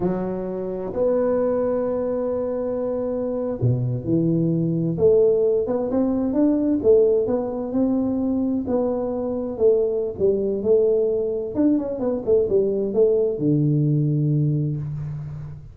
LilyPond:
\new Staff \with { instrumentName = "tuba" } { \time 4/4 \tempo 4 = 130 fis2 b2~ | b2.~ b8. b,16~ | b,8. e2 a4~ a16~ | a16 b8 c'4 d'4 a4 b16~ |
b8. c'2 b4~ b16~ | b8. a4~ a16 g4 a4~ | a4 d'8 cis'8 b8 a8 g4 | a4 d2. | }